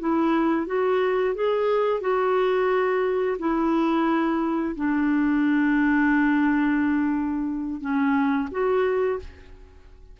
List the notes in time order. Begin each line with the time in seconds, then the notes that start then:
0.00 E4
0.67 F#4
1.35 G#4
2.01 F#4
3.39 E4
4.76 D4
7.81 C#4
8.52 F#4